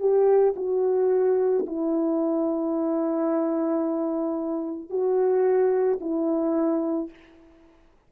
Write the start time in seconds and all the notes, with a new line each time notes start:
0.00 G4
0.57 F#4
1.67 E4
4.90 F#4
6.01 E4